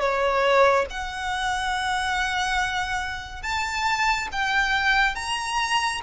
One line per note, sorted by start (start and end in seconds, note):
0.00 0.86 C#5
0.90 3.42 F#5
3.42 4.28 A5
4.32 5.15 G5
5.15 6.01 A#5